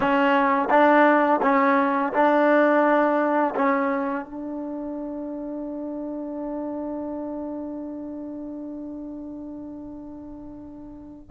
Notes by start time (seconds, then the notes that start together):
0.00 C#4
0.69 D4
1.41 C#4
2.13 D4
3.55 C#4
4.25 D4